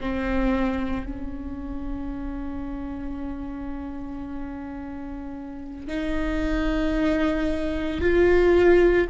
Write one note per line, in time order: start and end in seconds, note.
0.00 1.06 C4
1.06 5.88 C#4
5.88 8.01 D#4
8.01 9.08 F4